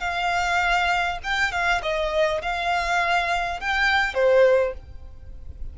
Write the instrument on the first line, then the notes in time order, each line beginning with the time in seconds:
violin
0.00 F5
1.24 G5
1.52 F5
1.82 D#5
2.42 F5
3.60 G5
4.14 C5